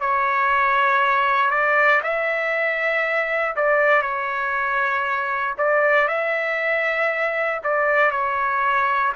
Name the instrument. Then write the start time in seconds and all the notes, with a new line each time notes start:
trumpet
0.00 C#5
1.50 D5
2.02 E5
3.56 D5
4.02 C#5
5.57 D5
6.08 E5
7.63 D5
8.11 C#5